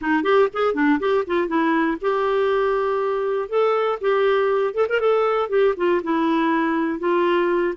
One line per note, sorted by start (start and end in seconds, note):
0.01 0.23 D#4
0.23 0.48 G4
0.53 0.74 G#4
0.74 0.99 D4
0.99 1.24 G4
1.26 1.47 F4
1.47 1.97 E4
2.01 3.48 G4
3.48 3.98 A4
4.00 4.74 G4
4.74 4.86 A4
4.88 5.00 A#4
5.00 5.49 A4
5.49 5.74 G4
5.76 6.01 F4
6.03 6.99 E4
6.99 7.74 F4